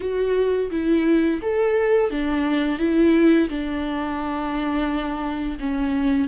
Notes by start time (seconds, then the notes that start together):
0.00 F#4
0.70 E4
1.41 A4
2.10 D4
2.78 E4
3.49 D4
5.59 C#4